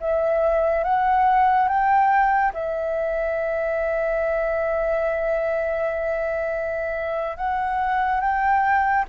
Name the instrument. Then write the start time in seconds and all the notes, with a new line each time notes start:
flute
0.00 E5
0.83 F#5
1.68 G5
2.53 E5
7.37 F#5
8.20 G5